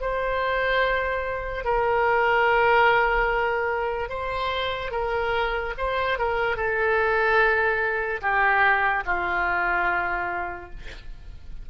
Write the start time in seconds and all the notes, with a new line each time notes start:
0.00 C5
1.64 A#4
4.09 C5
4.91 A#4
5.77 C5
6.18 A#4
6.56 A4
8.21 G4
9.05 F4